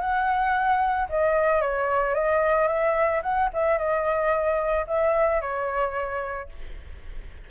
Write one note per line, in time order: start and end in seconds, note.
0.00 1.08 F#5
1.09 1.62 D#5
1.62 2.15 C#5
2.15 2.68 D#5
2.68 3.22 E5
3.23 3.50 F#5
3.54 3.78 E5
3.78 4.86 D#5
4.87 5.41 E5
5.41 6.49 C#5